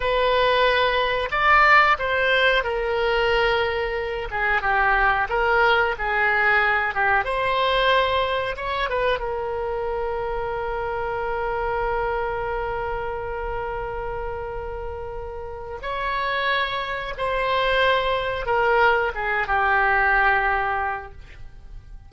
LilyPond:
\new Staff \with { instrumentName = "oboe" } { \time 4/4 \tempo 4 = 91 b'2 d''4 c''4 | ais'2~ ais'8 gis'8 g'4 | ais'4 gis'4. g'8 c''4~ | c''4 cis''8 b'8 ais'2~ |
ais'1~ | ais'1 | cis''2 c''2 | ais'4 gis'8 g'2~ g'8 | }